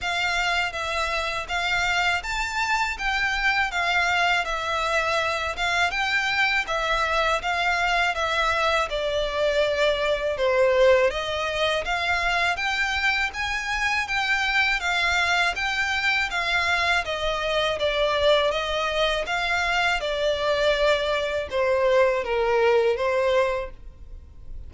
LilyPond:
\new Staff \with { instrumentName = "violin" } { \time 4/4 \tempo 4 = 81 f''4 e''4 f''4 a''4 | g''4 f''4 e''4. f''8 | g''4 e''4 f''4 e''4 | d''2 c''4 dis''4 |
f''4 g''4 gis''4 g''4 | f''4 g''4 f''4 dis''4 | d''4 dis''4 f''4 d''4~ | d''4 c''4 ais'4 c''4 | }